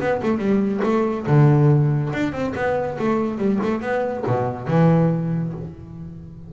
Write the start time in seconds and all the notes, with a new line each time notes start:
0.00 B3
0.22 A3
0.38 G3
0.84 A3
1.27 D3
2.13 D4
2.32 C4
2.55 B3
2.99 A3
3.38 G3
3.63 A3
3.81 B3
4.26 B2
4.68 E3